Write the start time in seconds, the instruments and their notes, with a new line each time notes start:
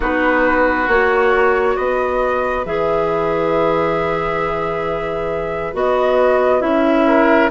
0.00 bassoon B3, clarinet D#4, oboe F#4, flute B4
0.87 bassoon A#3, clarinet F#4, flute C#5
1.75 bassoon B3, oboe B4, flute D#5
2.65 bassoon E3, clarinet G#4, flute E5
5.73 bassoon B3, clarinet F#4, flute D#5
6.60 bassoon C#4, clarinet E4, flute E5
7.06 oboe A#4